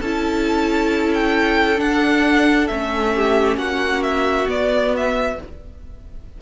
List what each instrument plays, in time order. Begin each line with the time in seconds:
0.00 cello C#4, viola E4, violin A4 A5
1.13 violin G5
1.76 viola D4, cello D4, violin F#5
2.67 cello A3, viola C#4, violin E5
3.14 violin G4
3.57 cello A#3, violin F#4 F#5
4.02 violin E5
4.47 viola B3, cello B3, violin D5
4.96 violin E5